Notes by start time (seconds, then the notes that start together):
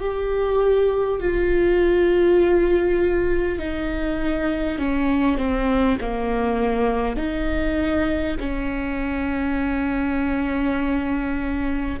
0.00 G4
1.20 F4
3.58 D#4
4.78 C#4
5.37 C4
6.00 A#3
7.16 D#4
8.39 C#4